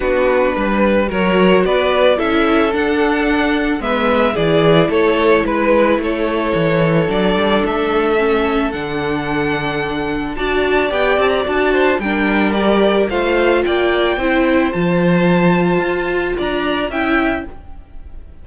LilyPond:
<<
  \new Staff \with { instrumentName = "violin" } { \time 4/4 \tempo 4 = 110 b'2 cis''4 d''4 | e''4 fis''2 e''4 | d''4 cis''4 b'4 cis''4~ | cis''4 d''4 e''2 |
fis''2. a''4 | g''8 a''16 ais''16 a''4 g''4 d''4 | f''4 g''2 a''4~ | a''2 ais''4 g''4 | }
  \new Staff \with { instrumentName = "violin" } { \time 4/4 fis'4 b'4 ais'4 b'4 | a'2. b'4 | gis'4 a'4 b'4 a'4~ | a'1~ |
a'2. d''4~ | d''4. c''8 ais'2 | c''4 d''4 c''2~ | c''2 d''4 e''4 | }
  \new Staff \with { instrumentName = "viola" } { \time 4/4 d'2 fis'2 | e'4 d'2 b4 | e'1~ | e'4 d'2 cis'4 |
d'2. fis'4 | g'4 fis'4 d'4 g'4 | f'2 e'4 f'4~ | f'2. e'4 | }
  \new Staff \with { instrumentName = "cello" } { \time 4/4 b4 g4 fis4 b4 | cis'4 d'2 gis4 | e4 a4 gis4 a4 | e4 fis8 g8 a2 |
d2. d'4 | b8 c'8 d'4 g2 | a4 ais4 c'4 f4~ | f4 f'4 d'4 cis'4 | }
>>